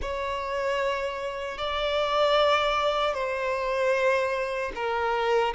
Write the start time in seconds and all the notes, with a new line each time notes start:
0.01 C#5
1.58 D5
3.14 C5
4.75 A#4